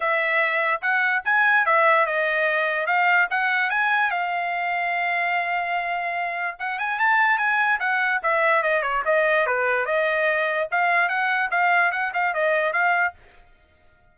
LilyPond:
\new Staff \with { instrumentName = "trumpet" } { \time 4/4 \tempo 4 = 146 e''2 fis''4 gis''4 | e''4 dis''2 f''4 | fis''4 gis''4 f''2~ | f''1 |
fis''8 gis''8 a''4 gis''4 fis''4 | e''4 dis''8 cis''8 dis''4 b'4 | dis''2 f''4 fis''4 | f''4 fis''8 f''8 dis''4 f''4 | }